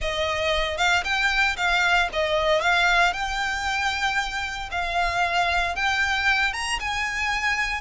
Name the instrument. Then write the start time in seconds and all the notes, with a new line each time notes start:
violin
0.01 D#5
0.77 F5
1.04 G5
1.56 F5
2.12 D#5
2.61 F5
3.13 G5
4.71 F5
5.75 G5
6.53 A#5
6.79 G#5